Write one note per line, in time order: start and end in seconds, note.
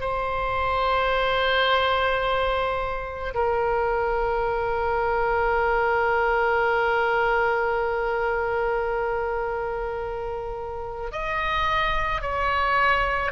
0.00 3.33 C5
3.34 11.12 A#4
11.12 12.21 D#5
12.21 13.31 C#5